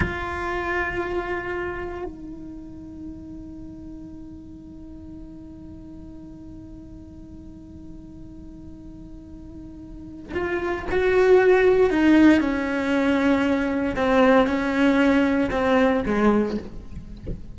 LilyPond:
\new Staff \with { instrumentName = "cello" } { \time 4/4 \tempo 4 = 116 f'1 | dis'1~ | dis'1~ | dis'1~ |
dis'1 | f'4 fis'2 dis'4 | cis'2. c'4 | cis'2 c'4 gis4 | }